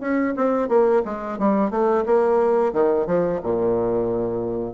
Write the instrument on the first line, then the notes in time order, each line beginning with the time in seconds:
bassoon
0.00 C#4
0.36 C4
0.68 A#3
1.05 G#3
1.38 G3
1.70 A3
2.05 A#3
2.73 D#3
3.07 F3
3.43 A#2